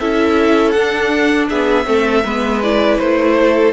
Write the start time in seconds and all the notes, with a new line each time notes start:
0.00 C#4 E4 A4 E5
0.72 D4 F#5
1.49 B3 G#4 E5
1.85 A3 C4 A4
2.24 G#3 B3 B4
2.63 E4 D5
2.99 A3 C5
3.40 A4